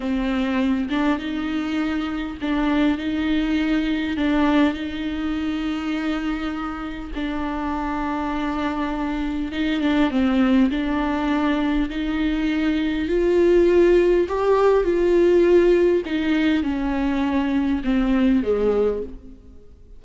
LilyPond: \new Staff \with { instrumentName = "viola" } { \time 4/4 \tempo 4 = 101 c'4. d'8 dis'2 | d'4 dis'2 d'4 | dis'1 | d'1 |
dis'8 d'8 c'4 d'2 | dis'2 f'2 | g'4 f'2 dis'4 | cis'2 c'4 gis4 | }